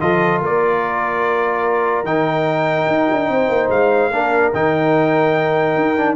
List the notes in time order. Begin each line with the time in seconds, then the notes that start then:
0.00 F3 F4 A4 D#5
0.40 A#3 A#4 D5
2.03 D#3 D#4 G5
2.88 D#4
3.12 D4
3.28 C4 C5
3.48 A#3
3.69 G#3 F5
4.10 A#3 D4 A#4
4.53 D#3 D#4 G5
5.76 D#4
5.97 D4